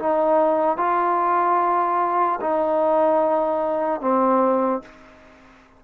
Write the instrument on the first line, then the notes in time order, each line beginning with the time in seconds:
trombone
0.00 D#4
0.78 F4
2.41 D#4
4.01 C4